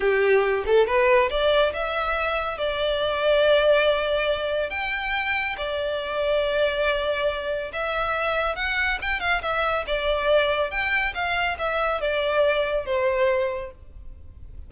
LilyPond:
\new Staff \with { instrumentName = "violin" } { \time 4/4 \tempo 4 = 140 g'4. a'8 b'4 d''4 | e''2 d''2~ | d''2. g''4~ | g''4 d''2.~ |
d''2 e''2 | fis''4 g''8 f''8 e''4 d''4~ | d''4 g''4 f''4 e''4 | d''2 c''2 | }